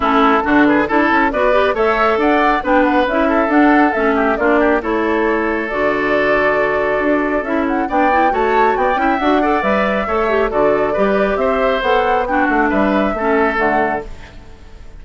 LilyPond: <<
  \new Staff \with { instrumentName = "flute" } { \time 4/4 \tempo 4 = 137 a'4. b'8 a'4 d''4 | e''4 fis''4 g''8 fis''8 e''4 | fis''4 e''4 d''4 cis''4~ | cis''4 d''2.~ |
d''4 e''8 fis''8 g''4 a''4 | g''4 fis''4 e''2 | d''2 e''4 fis''4 | g''8 fis''8 e''2 fis''4 | }
  \new Staff \with { instrumentName = "oboe" } { \time 4/4 e'4 fis'8 gis'8 a'4 b'4 | cis''4 d''4 b'4. a'8~ | a'4. g'8 f'8 g'8 a'4~ | a'1~ |
a'2 d''4 cis''4 | d''8 e''4 d''4. cis''4 | a'4 b'4 c''2 | fis'4 b'4 a'2 | }
  \new Staff \with { instrumentName = "clarinet" } { \time 4/4 cis'4 d'4 e'4 fis'8 g'8 | a'2 d'4 e'4 | d'4 cis'4 d'4 e'4~ | e'4 fis'2.~ |
fis'4 e'4 d'8 e'8 fis'4~ | fis'8 e'8 fis'8 a'8 b'4 a'8 g'8 | fis'4 g'2 a'4 | d'2 cis'4 a4 | }
  \new Staff \with { instrumentName = "bassoon" } { \time 4/4 a4 d4 d'8 cis'8 b4 | a4 d'4 b4 cis'4 | d'4 a4 ais4 a4~ | a4 d2. |
d'4 cis'4 b4 a4 | b8 cis'8 d'4 g4 a4 | d4 g4 c'4 b4~ | b8 a8 g4 a4 d4 | }
>>